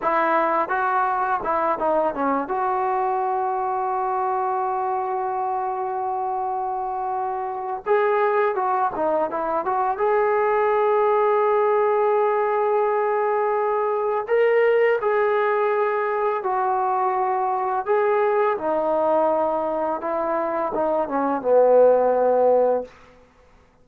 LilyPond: \new Staff \with { instrumentName = "trombone" } { \time 4/4 \tempo 4 = 84 e'4 fis'4 e'8 dis'8 cis'8 fis'8~ | fis'1~ | fis'2. gis'4 | fis'8 dis'8 e'8 fis'8 gis'2~ |
gis'1 | ais'4 gis'2 fis'4~ | fis'4 gis'4 dis'2 | e'4 dis'8 cis'8 b2 | }